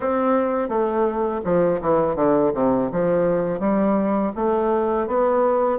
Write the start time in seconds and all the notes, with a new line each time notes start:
0.00 C4
0.68 A3
1.44 F3
1.81 E3
2.15 D3
2.53 C3
2.91 F3
3.59 G3
4.35 A3
5.07 B3